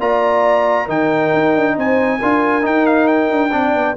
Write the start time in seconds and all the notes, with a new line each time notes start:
0.00 A#3 F4 D5 A#5
0.86 D#3 D#4 A#4 G5
1.34 D#4
1.56 D4
1.77 C4 C5 G#5
2.19 D4 F4 A#4
2.62 D#4 G5
2.86 F5
3.08 G5
3.32 D4
3.52 C4 D4 D5
3.75 B3